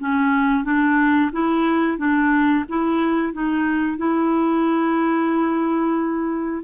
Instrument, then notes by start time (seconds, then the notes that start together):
clarinet
0.00 C#4
0.64 D4
1.32 E4
1.98 D4
2.69 E4
3.33 D#4
3.98 E4